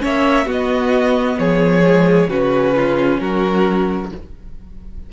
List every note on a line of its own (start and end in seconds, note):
0.00 0.46 A#3
0.00 0.45 C#4
0.00 0.46 C#5
0.00 0.50 E5
0.46 1.37 B3
0.46 1.83 B3
0.46 1.37 F#4
0.46 1.39 D#5
1.39 2.28 F3
1.39 2.30 G#4
1.39 2.30 C#5
1.84 2.29 G#3
2.28 3.19 C#3
2.28 4.13 C#4
2.28 2.75 F#4
2.28 3.20 B4
2.76 3.21 F4
3.20 4.12 F#3
3.20 4.12 F#4
3.20 4.11 A#4